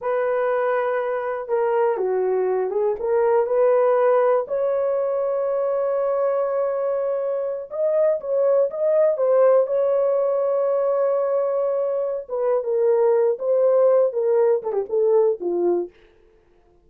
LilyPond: \new Staff \with { instrumentName = "horn" } { \time 4/4 \tempo 4 = 121 b'2. ais'4 | fis'4. gis'8 ais'4 b'4~ | b'4 cis''2.~ | cis''2.~ cis''8 dis''8~ |
dis''8 cis''4 dis''4 c''4 cis''8~ | cis''1~ | cis''8. b'8. ais'4. c''4~ | c''8 ais'4 a'16 g'16 a'4 f'4 | }